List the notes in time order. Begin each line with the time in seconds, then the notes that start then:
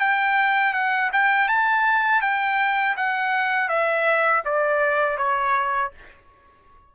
0.00 G5
0.73 F#5
1.12 G5
1.48 A5
2.22 G5
2.97 F#5
3.69 E5
4.45 D5
5.18 C#5